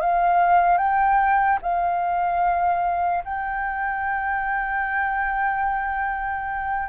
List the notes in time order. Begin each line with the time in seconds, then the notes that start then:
0.00 F5
0.77 G5
1.61 F5
3.24 G5